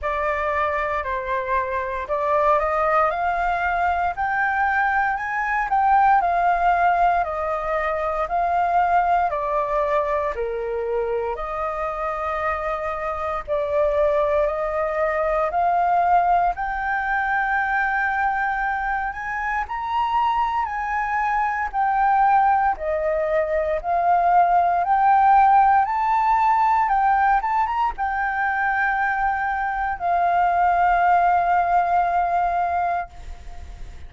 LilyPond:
\new Staff \with { instrumentName = "flute" } { \time 4/4 \tempo 4 = 58 d''4 c''4 d''8 dis''8 f''4 | g''4 gis''8 g''8 f''4 dis''4 | f''4 d''4 ais'4 dis''4~ | dis''4 d''4 dis''4 f''4 |
g''2~ g''8 gis''8 ais''4 | gis''4 g''4 dis''4 f''4 | g''4 a''4 g''8 a''16 ais''16 g''4~ | g''4 f''2. | }